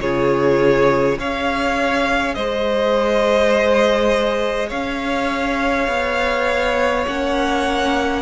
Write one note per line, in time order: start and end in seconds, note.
0.00 1.18 C#3
0.00 1.19 F4
0.00 1.18 G#4
0.00 1.18 C#5
1.18 2.36 C#4
1.18 7.07 G#4
1.18 2.35 C#5
1.18 2.34 F5
2.34 4.71 G#3
2.34 4.68 C5
2.34 4.69 D#5
4.68 5.87 C#4
4.68 8.21 C#5
4.68 7.05 F5
5.87 7.05 B3
7.07 8.21 A#3
7.07 8.21 C#4
7.07 8.21 F#5